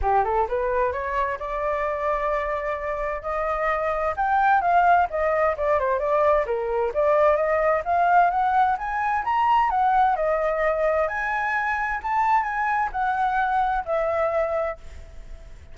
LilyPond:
\new Staff \with { instrumentName = "flute" } { \time 4/4 \tempo 4 = 130 g'8 a'8 b'4 cis''4 d''4~ | d''2. dis''4~ | dis''4 g''4 f''4 dis''4 | d''8 c''8 d''4 ais'4 d''4 |
dis''4 f''4 fis''4 gis''4 | ais''4 fis''4 dis''2 | gis''2 a''4 gis''4 | fis''2 e''2 | }